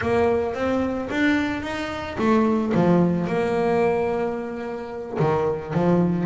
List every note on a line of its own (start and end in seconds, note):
0.01 0.54 A#3
0.54 1.09 C4
1.10 1.62 D4
1.62 2.16 D#4
2.18 2.72 A3
2.74 3.27 F3
3.27 5.18 A#3
5.19 5.73 D#3
5.73 6.26 F3